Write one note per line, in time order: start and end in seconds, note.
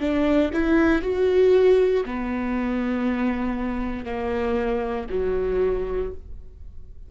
0.00 0.51 D4
0.53 1.02 E4
1.02 2.04 F#4
2.05 4.05 B3
4.05 5.07 A#3
5.09 6.11 F#3